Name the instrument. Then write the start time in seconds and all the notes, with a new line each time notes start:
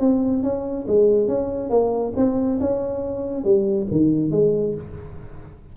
tuba
0.00 C4
0.43 C#4
0.88 G#3
1.28 C#4
1.70 A#3
2.16 C4
2.61 C#4
3.44 G3
3.91 D#3
4.31 G#3